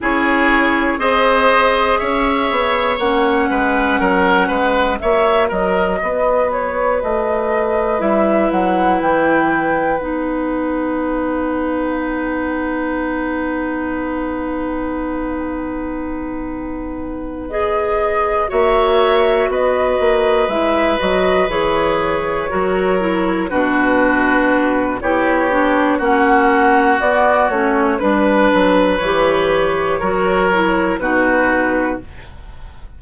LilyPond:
<<
  \new Staff \with { instrumentName = "flute" } { \time 4/4 \tempo 4 = 60 cis''4 dis''4 e''4 fis''4~ | fis''4 e''8 dis''4 cis''8 dis''4 | e''8 fis''8 g''4 fis''2~ | fis''1~ |
fis''4. dis''4 e''4 dis''8~ | dis''8 e''8 dis''8 cis''2 b'8~ | b'4 cis''4 fis''4 d''8 cis''8 | b'4 cis''2 b'4 | }
  \new Staff \with { instrumentName = "oboe" } { \time 4/4 gis'4 c''4 cis''4. b'8 | ais'8 b'8 cis''8 ais'8 b'2~ | b'1~ | b'1~ |
b'2~ b'8 cis''4 b'8~ | b'2~ b'8 ais'4 fis'8~ | fis'4 g'4 fis'2 | b'2 ais'4 fis'4 | }
  \new Staff \with { instrumentName = "clarinet" } { \time 4/4 e'4 gis'2 cis'4~ | cis'4 fis'2. | e'2 dis'2~ | dis'1~ |
dis'4. gis'4 fis'4.~ | fis'8 e'8 fis'8 gis'4 fis'8 e'8 d'8~ | d'4 e'8 d'8 cis'4 b8 cis'8 | d'4 g'4 fis'8 e'8 dis'4 | }
  \new Staff \with { instrumentName = "bassoon" } { \time 4/4 cis'4 c'4 cis'8 b8 ais8 gis8 | fis8 gis8 ais8 fis8 b4 a4 | g8 fis8 e4 b2~ | b1~ |
b2~ b8 ais4 b8 | ais8 gis8 fis8 e4 fis4 b,8~ | b,4 b4 ais4 b8 a8 | g8 fis8 e4 fis4 b,4 | }
>>